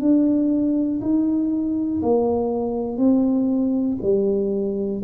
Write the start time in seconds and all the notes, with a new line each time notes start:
0.00 D4
1.01 D#4
2.02 A#3
2.97 C4
4.02 G3